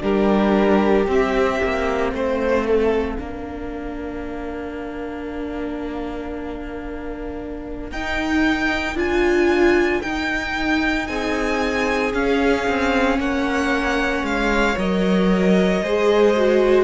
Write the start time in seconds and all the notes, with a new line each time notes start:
0.00 G3 D4 G4 A#4
1.07 C4 E5
1.63 A#3
2.13 A3 C5 F5
2.67 A4
3.18 A#3 D4 A#4
7.91 D#4 G5
8.95 D4 F4 G#5
10.02 D#4 G5
11.07 C4 G#4 G#5
12.13 C#4 F5
12.68 C4
13.18 A#3 C#5 F#5
14.23 G#3 F5
14.78 F#3 A#4 D#5
15.82 G#3 G#4 C5
16.37 F#4